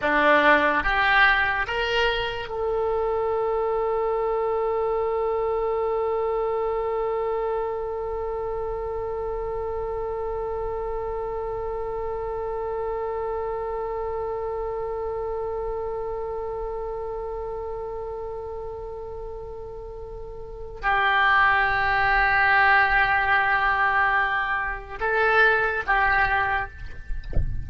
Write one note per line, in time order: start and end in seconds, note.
0.01 0.83 D4
0.83 1.66 G4
1.67 2.48 A#4
2.48 20.81 A4
20.81 24.98 G4
25.00 25.83 A4
25.86 26.70 G4